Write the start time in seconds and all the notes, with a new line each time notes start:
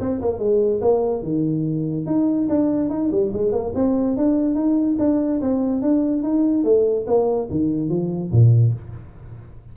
0.00 C4
0.21 A#3
0.39 G#3
0.81 A#3
1.23 D#3
2.06 D#4
2.49 D4
2.89 D#4
3.11 G3
3.33 G#3
3.52 A#3
3.75 C4
4.17 D4
4.55 D#4
4.99 D4
5.41 C4
5.82 D4
6.23 D#4
6.64 A3
7.07 A#3
7.50 D#3
7.89 F3
8.31 A#2